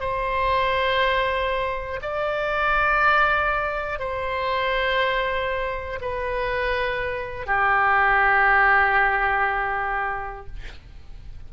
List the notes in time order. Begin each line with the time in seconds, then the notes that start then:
0.00 C5
2.02 D5
3.99 C5
6.00 B4
7.46 G4